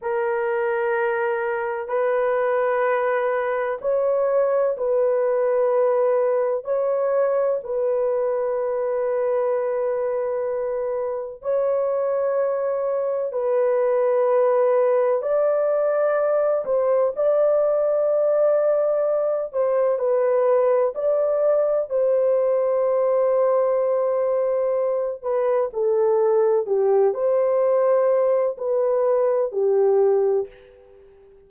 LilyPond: \new Staff \with { instrumentName = "horn" } { \time 4/4 \tempo 4 = 63 ais'2 b'2 | cis''4 b'2 cis''4 | b'1 | cis''2 b'2 |
d''4. c''8 d''2~ | d''8 c''8 b'4 d''4 c''4~ | c''2~ c''8 b'8 a'4 | g'8 c''4. b'4 g'4 | }